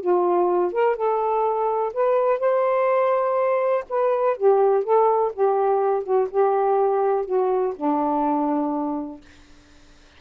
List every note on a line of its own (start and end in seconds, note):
0.00 0.72 F4
0.72 0.96 A#4
0.96 1.92 A4
1.93 2.39 B4
2.39 3.84 C5
3.89 4.36 B4
4.36 4.83 G4
4.83 5.32 A4
5.32 6.03 G4
6.03 6.27 F#4
6.30 7.25 G4
7.25 7.74 F#4
7.76 9.21 D4